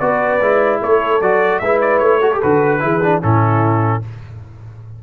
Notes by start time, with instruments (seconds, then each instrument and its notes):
0.00 tuba B3, trombone F#4, horn B4, trumpet D5
0.41 tuba G#3, trombone E4
0.82 tuba A3, horn A4, trumpet C#5
1.21 tuba F#3, trombone F#4, trumpet D5
1.59 tuba G#3, trombone E4, horn B4, trumpet E5
1.81 trumpet D5
1.99 tuba A3, trumpet C#5
2.21 trombone F#4, horn A4
2.32 trombone G4
2.42 tuba D3, trombone F#4, trumpet B4
2.80 tuba E3, trombone E4, horn G#4
3.03 trombone D4
3.22 tuba A2, trombone C#4, horn E4, trumpet A4